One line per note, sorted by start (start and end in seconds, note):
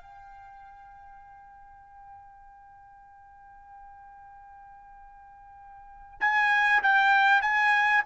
0.00 6.19 G5
6.20 6.82 G#5
6.83 7.41 G5
7.41 8.03 G#5